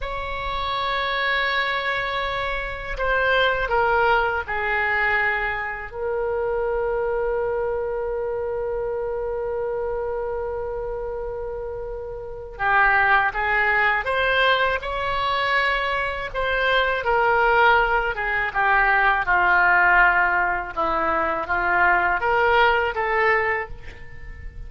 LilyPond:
\new Staff \with { instrumentName = "oboe" } { \time 4/4 \tempo 4 = 81 cis''1 | c''4 ais'4 gis'2 | ais'1~ | ais'1~ |
ais'4 g'4 gis'4 c''4 | cis''2 c''4 ais'4~ | ais'8 gis'8 g'4 f'2 | e'4 f'4 ais'4 a'4 | }